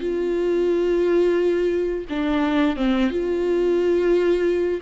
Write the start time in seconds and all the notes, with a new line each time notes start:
0.00 F4
2.09 D4
2.76 C4
3.10 F4